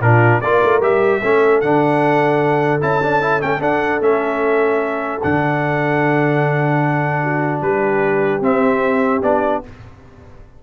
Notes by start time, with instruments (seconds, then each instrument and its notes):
0.00 tuba A#2, trombone D4, horn F4, trumpet A#4
0.41 tuba A#3, trombone F4, horn A#4, trumpet D5
0.64 tuba A3
0.81 tuba G3, trombone G4, trumpet E5
1.23 tuba A3, trombone C#4, horn A4
1.61 tuba D3, trombone D4, trumpet F#5
2.81 tuba C#4, trombone E4, trumpet A5
3.03 trombone D4
3.22 trombone E4
3.40 tuba A3, trombone C#4, trumpet G5
3.61 trombone D4, tuba D4, trumpet F#5
4.01 tuba A3, trombone C#4, trumpet E5
5.23 tuba D3, trombone D4, trumpet F#5
7.23 horn F#4
7.61 tuba G3, horn G4, trumpet B4
8.41 tuba C4, trombone C4, trumpet E5
9.22 tuba B3, trombone D4, trumpet D5